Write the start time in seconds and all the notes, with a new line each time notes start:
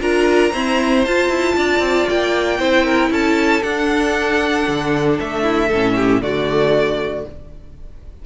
0.00 D4 F4 A#4 A#5
0.53 C4 E4 C5
1.05 F4 A5
1.29 E4
1.56 D4 D5
1.79 C4
2.09 A#3 G5
2.59 C4 E4 C5
2.85 A#4
3.11 C#4 A4 A5
3.63 D4 F#5
4.68 D3
5.20 A3 E5
5.43 E4
5.68 A2 C#4 A4
5.96 G4
6.22 D3 A3 F#4 D5